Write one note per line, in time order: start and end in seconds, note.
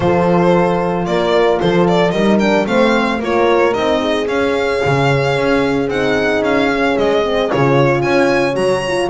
0.00 1.06 F3
0.00 2.12 F4
0.00 1.09 A4
0.00 1.05 C5
1.05 1.60 A#3
1.05 1.60 A#4
1.05 1.59 D5
1.60 2.12 F3
1.60 2.13 A4
1.60 1.87 C5
1.88 2.11 D5
2.11 2.65 G3
2.11 2.67 A#4
2.11 2.37 D#5
2.17 2.40 D#4
2.39 2.66 D4
2.39 2.65 G5
2.66 3.19 A3
2.66 3.20 C4
2.66 3.19 C5
2.66 3.20 F5
3.19 3.73 A#3
3.19 3.73 F4
3.19 3.99 A#4
3.19 3.73 C#5
3.73 4.27 C4
3.73 4.27 D#4
3.73 4.27 D#5
4.00 8.02 G#4
4.27 4.81 C#4
4.27 5.90 C#4
4.27 5.89 F5
4.84 5.36 C#3
5.36 5.88 C#4
5.88 6.41 C4
5.88 6.70 D#4
5.88 6.43 F#5
6.41 6.95 C#4
6.41 6.97 F5
6.70 7.23 C#4
6.97 7.50 G#3
6.97 7.51 D#5
7.23 7.50 C4
7.50 8.04 C#3
7.50 8.53 F4
7.50 8.01 C#5
8.01 8.55 C#4
8.01 9.10 C#5
8.01 8.55 G#5
8.53 9.09 F#3
8.53 8.80 F#4
8.53 9.09 A#5
8.87 9.10 F4